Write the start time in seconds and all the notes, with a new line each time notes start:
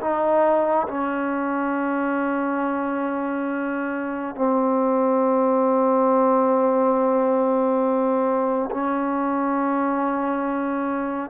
0.00 D#4
0.88 C#4
4.35 C4
8.71 C#4